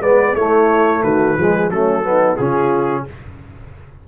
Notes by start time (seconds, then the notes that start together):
0.00 G#3 B3 B4 D5
0.34 A3 E4 C#5
1.03 D#3 F#4 B4
1.37 F3 G#3 G#4
1.70 F#3 A3 C#4 A4
2.03 B3 D#4
2.36 C#3 C#4 F4 G#4